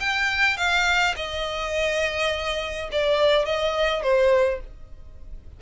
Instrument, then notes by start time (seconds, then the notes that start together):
violin
0.00 G5
0.57 F5
1.16 D#5
2.92 D5
3.45 D#5
4.03 C5